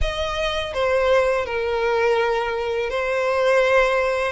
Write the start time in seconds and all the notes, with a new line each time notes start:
0.01 D#5
0.73 C5
1.45 A#4
2.89 C5